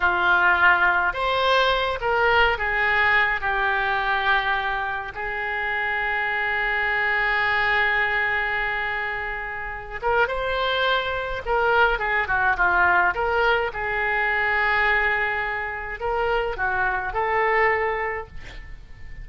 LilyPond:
\new Staff \with { instrumentName = "oboe" } { \time 4/4 \tempo 4 = 105 f'2 c''4. ais'8~ | ais'8 gis'4. g'2~ | g'4 gis'2.~ | gis'1~ |
gis'4. ais'8 c''2 | ais'4 gis'8 fis'8 f'4 ais'4 | gis'1 | ais'4 fis'4 a'2 | }